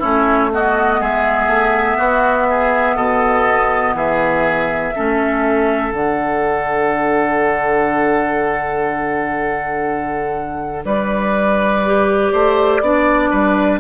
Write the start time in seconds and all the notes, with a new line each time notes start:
0.00 A3 C#4 E4 C#5
0.52 B3 F#4 D#5
1.00 G#3 G#4 E5
1.47 A3
1.98 B3 F#4
2.51 G#4
2.96 B2 A4 D#5
3.94 E3 G#4 E5
4.95 A3 C#4 A4
5.92 D3 D4 F#5
10.85 G3 B4 D5
11.86 G4
12.32 A3 C5
12.81 B3 D4 D5
13.30 G3 B4